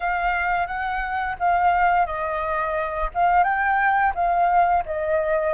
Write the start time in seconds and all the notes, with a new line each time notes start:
0.00 F5
0.66 F#5
1.39 F5
2.06 D#5
3.14 F5
3.43 G5
4.14 F5
4.85 D#5